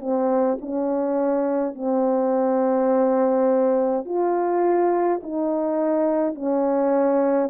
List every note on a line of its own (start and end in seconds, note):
0.00 0.58 C4
0.61 1.75 C#4
1.75 4.05 C4
4.05 5.20 F4
5.22 6.35 D#4
6.35 7.49 C#4